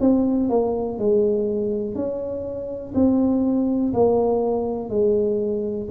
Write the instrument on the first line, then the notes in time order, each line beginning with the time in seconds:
tuba
0.00 C4
0.49 A#3
0.98 G#3
1.95 C#4
2.94 C4
3.93 A#3
4.89 G#3